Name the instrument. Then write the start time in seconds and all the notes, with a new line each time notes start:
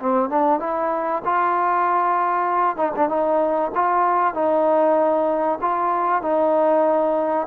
trombone
0.00 C4
0.30 D4
0.60 E4
1.25 F4
2.77 D#4
2.96 D4
3.09 D#4
3.75 F4
4.34 D#4
5.62 F4
6.22 D#4